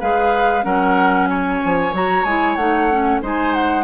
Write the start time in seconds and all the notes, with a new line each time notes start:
0.00 G#3 G#4 B4 F5
0.62 F#3 C#4 A#4 F#5
1.30 C#5 G#5
1.65 F3
1.93 F#3 F#4 A#5
2.24 G#3 E4 G#5
2.56 A3 D#4 F#5
2.91 C#4
3.22 G#3 D#4 C5 G#5
3.54 F#5